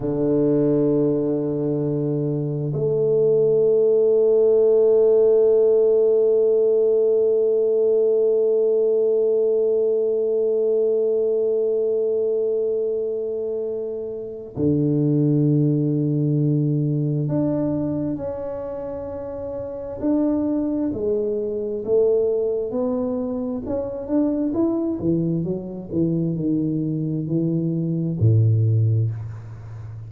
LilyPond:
\new Staff \with { instrumentName = "tuba" } { \time 4/4 \tempo 4 = 66 d2. a4~ | a1~ | a1~ | a1 |
d2. d'4 | cis'2 d'4 gis4 | a4 b4 cis'8 d'8 e'8 e8 | fis8 e8 dis4 e4 a,4 | }